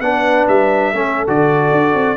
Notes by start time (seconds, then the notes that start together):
0.00 B3 D4 B4 F#5
0.48 G3 E5
0.93 A3 C#4 A4
1.27 D3 F#4 D5
1.72 D4
1.94 C4